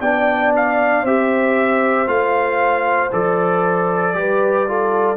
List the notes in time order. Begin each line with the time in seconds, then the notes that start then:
0.00 B3 D4 D5 G5
0.56 F5
1.03 C4 G4 C5 E5
2.07 A3 F4 F5
3.12 F3 A4 D5
4.14 G3 G4 B4
4.68 F4 A4